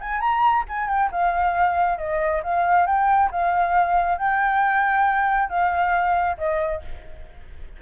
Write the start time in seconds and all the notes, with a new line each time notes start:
0.00 G#5
0.20 A#5
0.68 G#5
0.88 G5
1.11 F5
1.98 D#5
2.43 F5
2.86 G5
3.31 F5
4.18 G5
5.49 F5
6.37 D#5